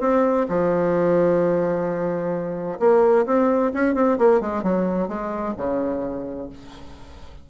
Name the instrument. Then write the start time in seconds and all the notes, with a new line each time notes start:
bassoon
0.00 C4
0.48 F3
2.79 A#3
3.25 C4
3.73 C#4
3.94 C4
4.18 A#3
4.40 G#3
4.63 F#3
5.08 G#3
5.57 C#3